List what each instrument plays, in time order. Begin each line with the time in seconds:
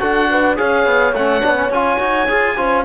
0.00 cello D4, trombone F#4, horn A4, oboe F#5
0.31 horn B4
0.57 cello C#4, trombone G#4, horn C#5, oboe F5
0.86 cello B3
1.13 cello A3, trombone C#4, oboe F#5
1.42 cello B3, trombone D4
1.56 trombone C#4
1.70 cello C#4, trombone F4, oboe G#5
2.00 cello D#4, trombone F#4
2.29 cello F4, trombone G#4
2.57 cello C#4, trombone F4, horn C5